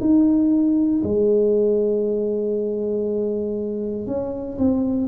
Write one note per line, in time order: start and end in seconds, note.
0.00 1.02 D#4
1.03 4.06 G#3
4.06 4.57 C#4
4.58 5.08 C4